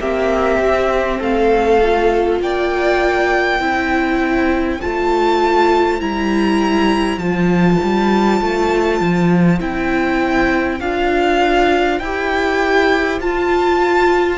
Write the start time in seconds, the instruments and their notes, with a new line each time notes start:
0.00 cello A#3, viola C4, violin G4 E5
0.59 cello C4
1.19 cello A3, violin A4 F5
1.82 viola F4
2.40 cello A#3, violin D5 G5
3.60 cello C4, viola E4, violin C5
4.82 cello A3, viola F4, violin A5
6.00 cello G3, viola E4, violin A#5
7.17 cello F3, viola F4, violin A5
7.83 cello G3
8.41 cello A3
9.01 cello F3
9.59 cello C4, viola E4, violin G5
10.80 cello D4, viola F4, violin F5
11.99 cello E4, viola G4, violin G5
13.20 cello F4, viola F4, violin A5